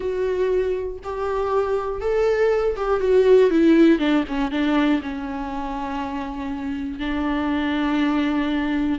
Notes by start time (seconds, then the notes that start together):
0.00 F#4
1.03 G4
2.00 A4
2.76 G4
3.00 F#4
3.50 E4
3.98 D4
4.27 C#4
4.51 D4
5.02 C#4
6.99 D4